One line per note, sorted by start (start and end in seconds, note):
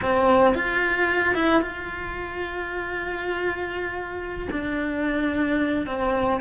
0.01 0.54 C4
0.54 1.34 F4
1.34 1.62 E4
1.62 4.48 F4
4.51 5.86 D4
5.86 6.40 C4